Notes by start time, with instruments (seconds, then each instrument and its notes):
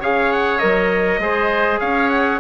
0.00 bassoon C#3, trombone G#4, oboe C#5, trumpet F5
0.32 trumpet F#5
0.59 bassoon F#3, trombone A#4, trumpet D#5
1.18 bassoon G#3, trombone G#4, oboe C5
1.80 bassoon C#4, oboe C#5, trumpet F5
2.09 trumpet F#5